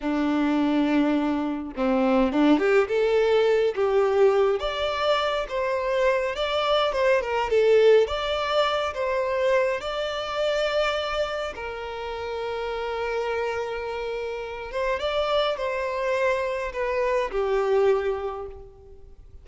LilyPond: \new Staff \with { instrumentName = "violin" } { \time 4/4 \tempo 4 = 104 d'2. c'4 | d'8 g'8 a'4. g'4. | d''4. c''4. d''4 | c''8 ais'8 a'4 d''4. c''8~ |
c''4 d''2. | ais'1~ | ais'4. c''8 d''4 c''4~ | c''4 b'4 g'2 | }